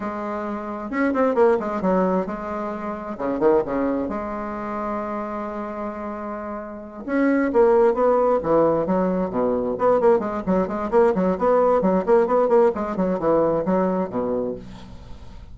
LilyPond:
\new Staff \with { instrumentName = "bassoon" } { \time 4/4 \tempo 4 = 132 gis2 cis'8 c'8 ais8 gis8 | fis4 gis2 cis8 dis8 | cis4 gis2.~ | gis2.~ gis8 cis'8~ |
cis'8 ais4 b4 e4 fis8~ | fis8 b,4 b8 ais8 gis8 fis8 gis8 | ais8 fis8 b4 fis8 ais8 b8 ais8 | gis8 fis8 e4 fis4 b,4 | }